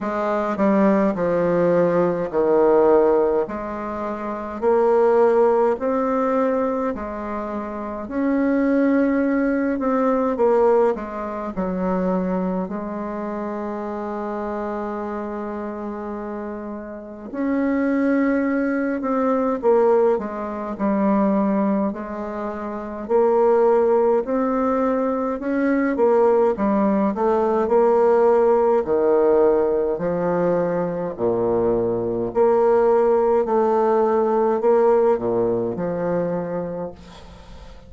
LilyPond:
\new Staff \with { instrumentName = "bassoon" } { \time 4/4 \tempo 4 = 52 gis8 g8 f4 dis4 gis4 | ais4 c'4 gis4 cis'4~ | cis'8 c'8 ais8 gis8 fis4 gis4~ | gis2. cis'4~ |
cis'8 c'8 ais8 gis8 g4 gis4 | ais4 c'4 cis'8 ais8 g8 a8 | ais4 dis4 f4 ais,4 | ais4 a4 ais8 ais,8 f4 | }